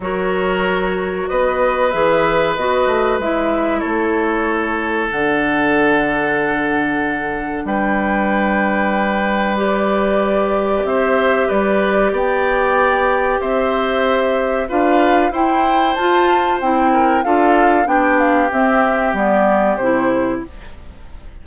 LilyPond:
<<
  \new Staff \with { instrumentName = "flute" } { \time 4/4 \tempo 4 = 94 cis''2 dis''4 e''4 | dis''4 e''4 cis''2 | fis''1 | g''2. d''4~ |
d''4 e''4 d''4 g''4~ | g''4 e''2 f''4 | g''4 a''4 g''4 f''4 | g''8 f''8 e''4 d''4 c''4 | }
  \new Staff \with { instrumentName = "oboe" } { \time 4/4 ais'2 b'2~ | b'2 a'2~ | a'1 | b'1~ |
b'4 c''4 b'4 d''4~ | d''4 c''2 b'4 | c''2~ c''8 ais'8 a'4 | g'1 | }
  \new Staff \with { instrumentName = "clarinet" } { \time 4/4 fis'2. gis'4 | fis'4 e'2. | d'1~ | d'2. g'4~ |
g'1~ | g'2. f'4 | e'4 f'4 e'4 f'4 | d'4 c'4 b4 e'4 | }
  \new Staff \with { instrumentName = "bassoon" } { \time 4/4 fis2 b4 e4 | b8 a8 gis4 a2 | d1 | g1~ |
g4 c'4 g4 b4~ | b4 c'2 d'4 | e'4 f'4 c'4 d'4 | b4 c'4 g4 c4 | }
>>